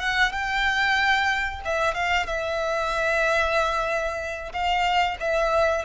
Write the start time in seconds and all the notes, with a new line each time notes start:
0.00 F#5
0.32 G5
1.65 E5
1.95 F5
2.27 E5
4.53 F5
5.20 E5